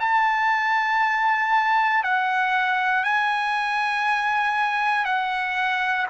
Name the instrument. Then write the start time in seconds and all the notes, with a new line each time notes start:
trumpet
0.00 A5
2.04 F#5
3.04 G#5
5.05 F#5